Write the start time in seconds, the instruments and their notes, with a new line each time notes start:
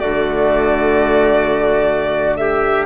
0.00 bassoon D3, viola A3, trumpet F#4, violin D5
2.37 trumpet G4, violin E5